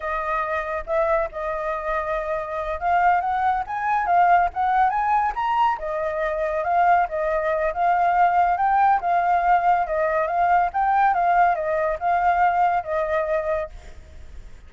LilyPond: \new Staff \with { instrumentName = "flute" } { \time 4/4 \tempo 4 = 140 dis''2 e''4 dis''4~ | dis''2~ dis''8 f''4 fis''8~ | fis''8 gis''4 f''4 fis''4 gis''8~ | gis''8 ais''4 dis''2 f''8~ |
f''8 dis''4. f''2 | g''4 f''2 dis''4 | f''4 g''4 f''4 dis''4 | f''2 dis''2 | }